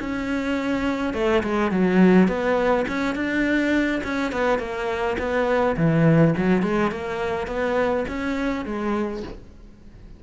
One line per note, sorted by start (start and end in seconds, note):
0.00 1.14 C#4
1.14 1.42 A3
1.43 1.71 G#3
1.71 2.28 F#3
2.28 2.85 B3
2.88 3.15 C#4
3.15 4.01 D4
4.03 4.32 C#4
4.32 4.59 B3
4.59 5.16 A#3
5.18 5.76 B3
5.76 6.34 E3
6.37 6.62 F#3
6.62 6.91 G#3
6.91 7.47 A#3
7.47 8.05 B3
8.08 8.65 C#4
8.65 9.23 G#3